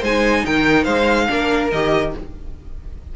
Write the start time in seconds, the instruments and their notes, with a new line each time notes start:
0.00 cello G#3, viola D#4, violin C5 G#5
0.46 cello D#3, violin A#4 G5
0.84 cello G#3, violin C5 F5
1.29 cello A#3, viola D4, violin A#4
1.72 cello D#3, viola G4, violin D#5